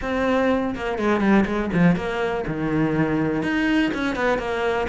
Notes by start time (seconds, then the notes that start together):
0.01 C4
0.75 A#3
0.98 G#3
1.20 G3
1.45 G#3
1.73 F3
1.96 A#3
2.47 D#3
3.43 D#4
3.94 C#4
4.15 B3
4.38 A#3